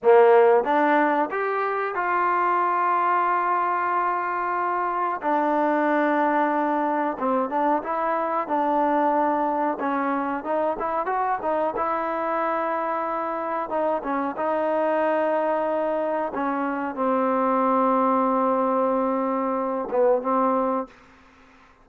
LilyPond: \new Staff \with { instrumentName = "trombone" } { \time 4/4 \tempo 4 = 92 ais4 d'4 g'4 f'4~ | f'1 | d'2. c'8 d'8 | e'4 d'2 cis'4 |
dis'8 e'8 fis'8 dis'8 e'2~ | e'4 dis'8 cis'8 dis'2~ | dis'4 cis'4 c'2~ | c'2~ c'8 b8 c'4 | }